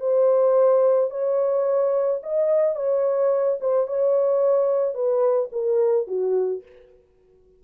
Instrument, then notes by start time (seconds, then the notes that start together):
horn
0.00 C5
1.10 C#5
2.23 D#5
2.76 C#5
3.61 C5
3.87 C#5
4.94 B4
5.52 A#4
6.07 F#4